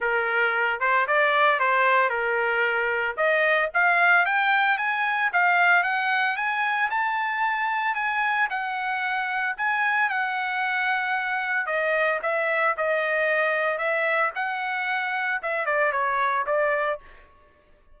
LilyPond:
\new Staff \with { instrumentName = "trumpet" } { \time 4/4 \tempo 4 = 113 ais'4. c''8 d''4 c''4 | ais'2 dis''4 f''4 | g''4 gis''4 f''4 fis''4 | gis''4 a''2 gis''4 |
fis''2 gis''4 fis''4~ | fis''2 dis''4 e''4 | dis''2 e''4 fis''4~ | fis''4 e''8 d''8 cis''4 d''4 | }